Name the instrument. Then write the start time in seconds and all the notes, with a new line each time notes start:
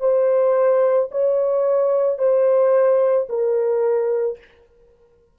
horn
0.00 C5
1.12 C#5
2.19 C5
3.29 A#4